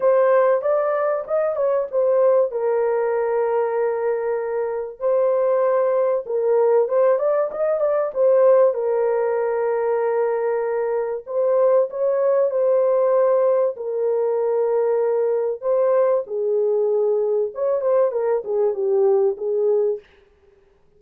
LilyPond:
\new Staff \with { instrumentName = "horn" } { \time 4/4 \tempo 4 = 96 c''4 d''4 dis''8 cis''8 c''4 | ais'1 | c''2 ais'4 c''8 d''8 | dis''8 d''8 c''4 ais'2~ |
ais'2 c''4 cis''4 | c''2 ais'2~ | ais'4 c''4 gis'2 | cis''8 c''8 ais'8 gis'8 g'4 gis'4 | }